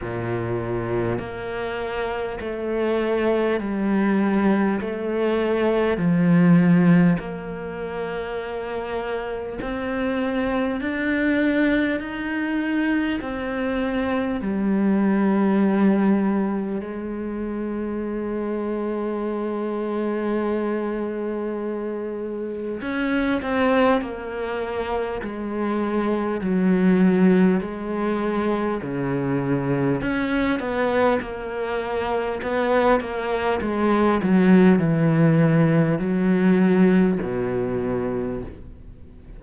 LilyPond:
\new Staff \with { instrumentName = "cello" } { \time 4/4 \tempo 4 = 50 ais,4 ais4 a4 g4 | a4 f4 ais2 | c'4 d'4 dis'4 c'4 | g2 gis2~ |
gis2. cis'8 c'8 | ais4 gis4 fis4 gis4 | cis4 cis'8 b8 ais4 b8 ais8 | gis8 fis8 e4 fis4 b,4 | }